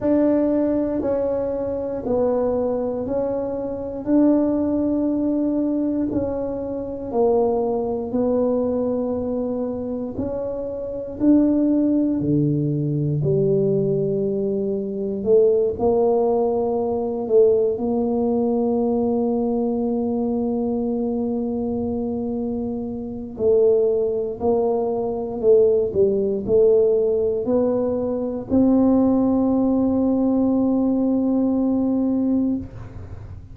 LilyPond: \new Staff \with { instrumentName = "tuba" } { \time 4/4 \tempo 4 = 59 d'4 cis'4 b4 cis'4 | d'2 cis'4 ais4 | b2 cis'4 d'4 | d4 g2 a8 ais8~ |
ais4 a8 ais2~ ais8~ | ais2. a4 | ais4 a8 g8 a4 b4 | c'1 | }